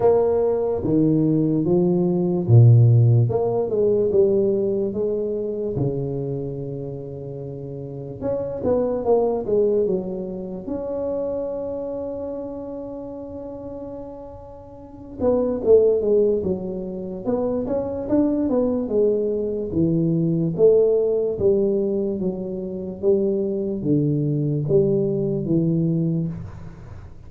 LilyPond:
\new Staff \with { instrumentName = "tuba" } { \time 4/4 \tempo 4 = 73 ais4 dis4 f4 ais,4 | ais8 gis8 g4 gis4 cis4~ | cis2 cis'8 b8 ais8 gis8 | fis4 cis'2.~ |
cis'2~ cis'8 b8 a8 gis8 | fis4 b8 cis'8 d'8 b8 gis4 | e4 a4 g4 fis4 | g4 d4 g4 e4 | }